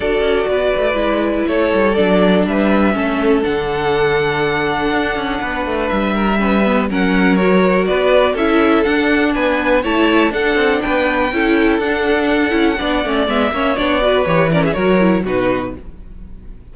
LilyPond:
<<
  \new Staff \with { instrumentName = "violin" } { \time 4/4 \tempo 4 = 122 d''2. cis''4 | d''4 e''2 fis''4~ | fis''1 | e''2 fis''4 cis''4 |
d''4 e''4 fis''4 gis''4 | a''4 fis''4 g''2 | fis''2. e''4 | d''4 cis''8 d''16 e''16 cis''4 b'4 | }
  \new Staff \with { instrumentName = "violin" } { \time 4/4 a'4 b'2 a'4~ | a'4 b'4 a'2~ | a'2. b'4~ | b'8 ais'8 b'4 ais'2 |
b'4 a'2 b'4 | cis''4 a'4 b'4 a'4~ | a'2 d''4. cis''8~ | cis''8 b'4 ais'16 gis'16 ais'4 fis'4 | }
  \new Staff \with { instrumentName = "viola" } { \time 4/4 fis'2 e'2 | d'2 cis'4 d'4~ | d'1~ | d'4 cis'8 b8 cis'4 fis'4~ |
fis'4 e'4 d'2 | e'4 d'2 e'4 | d'4. e'8 d'8 cis'8 b8 cis'8 | d'8 fis'8 g'8 cis'8 fis'8 e'8 dis'4 | }
  \new Staff \with { instrumentName = "cello" } { \time 4/4 d'8 cis'8 b8 a8 gis4 a8 g8 | fis4 g4 a4 d4~ | d2 d'8 cis'8 b8 a8 | g2 fis2 |
b4 cis'4 d'4 b4 | a4 d'8 c'8 b4 cis'4 | d'4. cis'8 b8 a8 gis8 ais8 | b4 e4 fis4 b,4 | }
>>